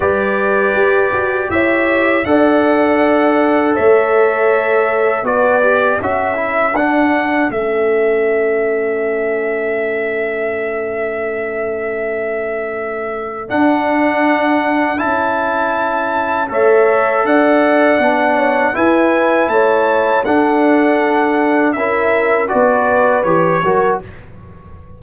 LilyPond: <<
  \new Staff \with { instrumentName = "trumpet" } { \time 4/4 \tempo 4 = 80 d''2 e''4 fis''4~ | fis''4 e''2 d''4 | e''4 fis''4 e''2~ | e''1~ |
e''2 fis''2 | a''2 e''4 fis''4~ | fis''4 gis''4 a''4 fis''4~ | fis''4 e''4 d''4 cis''4 | }
  \new Staff \with { instrumentName = "horn" } { \time 4/4 b'2 cis''4 d''4~ | d''4 cis''2 b'4 | a'1~ | a'1~ |
a'1~ | a'2 cis''4 d''4~ | d''8 cis''8 b'4 cis''4 a'4~ | a'4 ais'4 b'4. ais'8 | }
  \new Staff \with { instrumentName = "trombone" } { \time 4/4 g'2. a'4~ | a'2. fis'8 g'8 | fis'8 e'8 d'4 cis'2~ | cis'1~ |
cis'2 d'2 | e'2 a'2 | d'4 e'2 d'4~ | d'4 e'4 fis'4 g'8 fis'8 | }
  \new Staff \with { instrumentName = "tuba" } { \time 4/4 g4 g'8 fis'8 e'4 d'4~ | d'4 a2 b4 | cis'4 d'4 a2~ | a1~ |
a2 d'2 | cis'2 a4 d'4 | b4 e'4 a4 d'4~ | d'4 cis'4 b4 e8 fis8 | }
>>